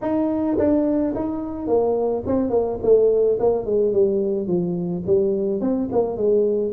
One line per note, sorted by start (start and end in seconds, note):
0.01 0.57 D#4
0.58 1.14 D4
1.15 1.67 D#4
1.67 2.23 A#3
2.26 2.50 C4
2.50 2.78 A#3
2.82 3.38 A3
3.39 3.64 A#3
3.64 3.93 G#3
3.93 4.47 G3
4.47 5.03 F3
5.06 5.60 G3
5.60 5.89 C4
5.92 6.17 A#3
6.17 6.72 G#3